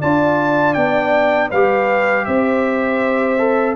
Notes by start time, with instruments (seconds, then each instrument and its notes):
0.00 tuba D4, trombone F4, horn D5, trumpet A5
0.74 tuba B3, trombone D4, trumpet G5
1.50 tuba G3, trombone G4, horn B4, trumpet F5
2.25 tuba C4, horn C5, trumpet E5
3.39 trombone A4